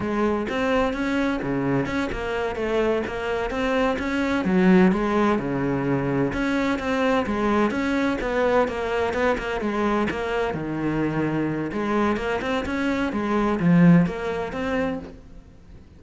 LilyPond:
\new Staff \with { instrumentName = "cello" } { \time 4/4 \tempo 4 = 128 gis4 c'4 cis'4 cis4 | cis'8 ais4 a4 ais4 c'8~ | c'8 cis'4 fis4 gis4 cis8~ | cis4. cis'4 c'4 gis8~ |
gis8 cis'4 b4 ais4 b8 | ais8 gis4 ais4 dis4.~ | dis4 gis4 ais8 c'8 cis'4 | gis4 f4 ais4 c'4 | }